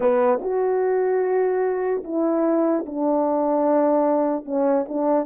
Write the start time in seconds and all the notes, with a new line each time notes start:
0.00 B3
0.41 F#4
2.04 E4
2.86 D4
4.45 C#4
4.88 D4